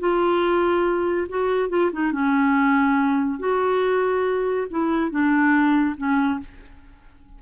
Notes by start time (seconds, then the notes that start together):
0.00 F4
1.29 F#4
1.70 F4
1.93 D#4
2.12 C#4
3.39 F#4
4.70 E4
5.11 D4
5.97 C#4